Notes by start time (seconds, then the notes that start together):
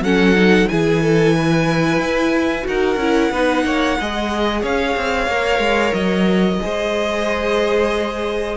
0.00 F#3 C#4 A4 F#5
0.35 D#4
0.68 E3 E4 G#4 G#5
1.02 A4
1.35 B4
1.99 E4
2.62 D#4 F#4 A#4 F#5
2.96 C#4 E4
3.31 B3 D#4 B4
3.64 A#3 C#5
4.00 G#3 G#4 D#5
4.61 C#4 C#5 F5
4.96 C4
5.27 A#3 A#4
5.59 G#3
5.93 F#3 D#5
6.60 G#3 G#4 C5